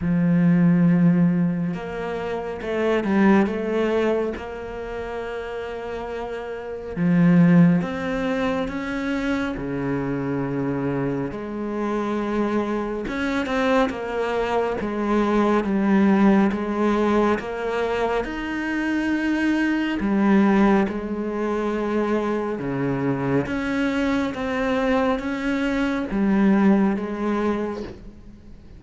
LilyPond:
\new Staff \with { instrumentName = "cello" } { \time 4/4 \tempo 4 = 69 f2 ais4 a8 g8 | a4 ais2. | f4 c'4 cis'4 cis4~ | cis4 gis2 cis'8 c'8 |
ais4 gis4 g4 gis4 | ais4 dis'2 g4 | gis2 cis4 cis'4 | c'4 cis'4 g4 gis4 | }